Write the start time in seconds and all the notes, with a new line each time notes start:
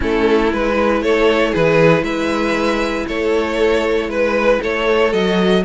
0.00 A3 C#4 E4 A4
0.52 G#3 E4 B4
1.01 A3 A4 C#5
1.51 E3 G#4 B4
2.02 G#3 B4 E5
3.07 A3 A4 C#5
4.07 G#3 B4
4.61 A3 A4 C#5
5.12 F#3 F#4 D#5